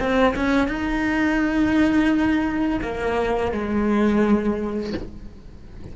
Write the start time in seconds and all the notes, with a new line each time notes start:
0.00 C4
0.36 C#4
0.68 D#4
2.82 A#3
3.52 G#3